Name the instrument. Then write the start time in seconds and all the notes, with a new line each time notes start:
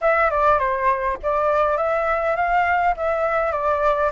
flute
0.01 E5
0.30 D5
0.59 C5
1.22 D5
1.77 E5
2.36 F5
2.97 E5
3.51 D5